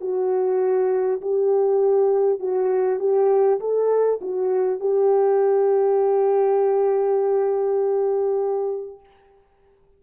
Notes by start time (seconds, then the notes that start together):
0.00 F#4
1.21 G4
2.39 F#4
2.99 G4
3.59 A4
4.21 F#4
4.79 G4